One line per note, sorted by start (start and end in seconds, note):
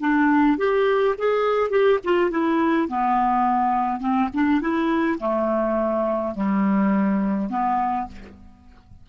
0.00 0.58 D4
0.58 1.16 G4
1.19 1.70 G#4
1.70 1.99 G4
2.04 2.31 F4
2.31 2.88 E4
2.88 4.00 B3
4.00 4.29 C4
4.34 4.61 D4
4.61 5.19 E4
5.20 6.35 A3
6.35 7.50 G3
7.50 8.07 B3